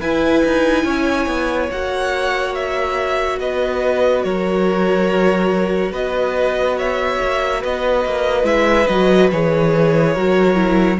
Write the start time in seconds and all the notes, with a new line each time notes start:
0.00 E4 B4 G#5
0.44 D#4
0.84 C#4 C#5
1.26 B3
1.71 A#3 F#4 F#5
2.54 E5
3.39 B3 B4 D#5
4.23 F#3 A#4 C#5
5.91 B3 B4 D#5
6.77 C#5 E5
7.21 A#3
7.60 B3 B4 D#5
8.05 A#3
8.43 G#3 E4 E5
8.87 F#3 F#4 D#5
9.31 E3 G#4 C#5
10.13 F#3 F#4 A#4
10.55 E4